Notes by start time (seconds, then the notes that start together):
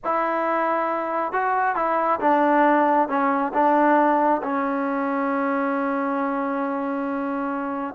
0.04 E4
1.32 F#4
1.75 E4
2.20 D4
3.08 C#4
3.53 D4
4.42 C#4